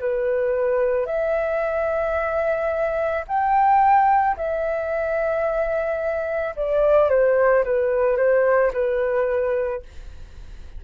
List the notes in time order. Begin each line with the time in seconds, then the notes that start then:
0.00 B4
1.07 E5
3.28 G5
4.37 E5
6.57 D5
7.10 C5
7.65 B4
8.18 C5
8.74 B4